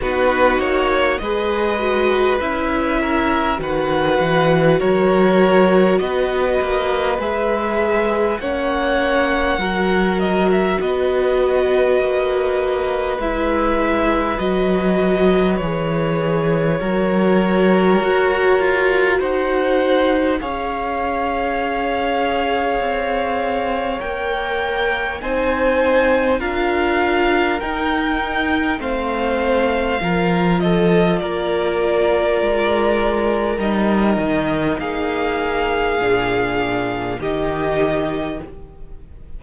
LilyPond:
<<
  \new Staff \with { instrumentName = "violin" } { \time 4/4 \tempo 4 = 50 b'8 cis''8 dis''4 e''4 fis''4 | cis''4 dis''4 e''4 fis''4~ | fis''8 dis''16 e''16 dis''2 e''4 | dis''4 cis''2. |
fis''4 f''2. | g''4 gis''4 f''4 g''4 | f''4. dis''8 d''2 | dis''4 f''2 dis''4 | }
  \new Staff \with { instrumentName = "violin" } { \time 4/4 fis'4 b'4. ais'8 b'4 | ais'4 b'2 cis''4 | ais'4 b'2.~ | b'2 ais'2 |
c''4 cis''2.~ | cis''4 c''4 ais'2 | c''4 ais'8 a'8 ais'2~ | ais'4 gis'2 g'4 | }
  \new Staff \with { instrumentName = "viola" } { \time 4/4 dis'4 gis'8 fis'8 e'4 fis'4~ | fis'2 gis'4 cis'4 | fis'2. e'4 | fis'4 gis'4 fis'2~ |
fis'4 gis'2. | ais'4 dis'4 f'4 dis'4 | c'4 f'2. | dis'2 d'4 dis'4 | }
  \new Staff \with { instrumentName = "cello" } { \time 4/4 b8 ais8 gis4 cis'4 dis8 e8 | fis4 b8 ais8 gis4 ais4 | fis4 b4 ais4 gis4 | fis4 e4 fis4 fis'8 f'8 |
dis'4 cis'2 c'4 | ais4 c'4 d'4 dis'4 | a4 f4 ais4 gis4 | g8 dis8 ais4 ais,4 dis4 | }
>>